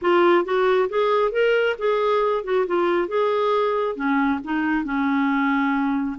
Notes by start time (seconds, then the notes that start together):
0.01 F4
0.44 F#4
0.89 G#4
1.31 A#4
1.78 G#4
2.44 F#4
2.66 F4
3.08 G#4
3.95 C#4
4.43 D#4
4.84 C#4